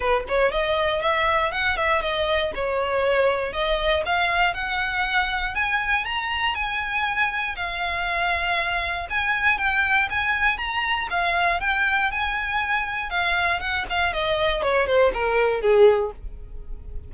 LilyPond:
\new Staff \with { instrumentName = "violin" } { \time 4/4 \tempo 4 = 119 b'8 cis''8 dis''4 e''4 fis''8 e''8 | dis''4 cis''2 dis''4 | f''4 fis''2 gis''4 | ais''4 gis''2 f''4~ |
f''2 gis''4 g''4 | gis''4 ais''4 f''4 g''4 | gis''2 f''4 fis''8 f''8 | dis''4 cis''8 c''8 ais'4 gis'4 | }